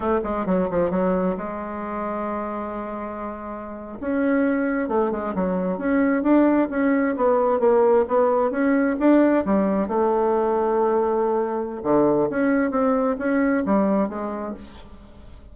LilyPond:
\new Staff \with { instrumentName = "bassoon" } { \time 4/4 \tempo 4 = 132 a8 gis8 fis8 f8 fis4 gis4~ | gis1~ | gis8. cis'2 a8 gis8 fis16~ | fis8. cis'4 d'4 cis'4 b16~ |
b8. ais4 b4 cis'4 d'16~ | d'8. g4 a2~ a16~ | a2 d4 cis'4 | c'4 cis'4 g4 gis4 | }